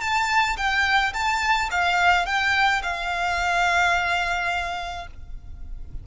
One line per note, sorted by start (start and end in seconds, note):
0.00 0.56 A5
0.57 1.13 G5
1.13 1.69 A5
1.71 2.25 F5
2.25 2.81 G5
2.82 5.06 F5